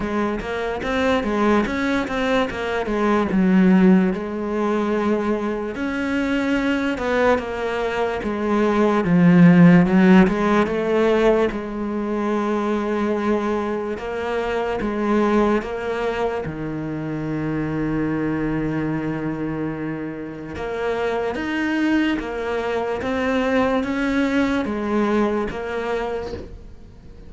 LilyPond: \new Staff \with { instrumentName = "cello" } { \time 4/4 \tempo 4 = 73 gis8 ais8 c'8 gis8 cis'8 c'8 ais8 gis8 | fis4 gis2 cis'4~ | cis'8 b8 ais4 gis4 f4 | fis8 gis8 a4 gis2~ |
gis4 ais4 gis4 ais4 | dis1~ | dis4 ais4 dis'4 ais4 | c'4 cis'4 gis4 ais4 | }